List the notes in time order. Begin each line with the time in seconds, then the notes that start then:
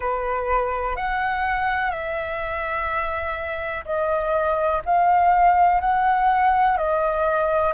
0.00 B4
0.96 F#5
1.90 E5
3.85 D#5
4.85 F5
5.80 F#5
6.77 D#5